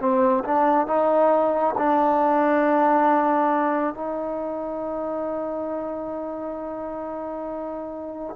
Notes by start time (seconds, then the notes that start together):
0.00 C4
0.45 D4
0.87 D#4
1.78 D4
3.95 D#4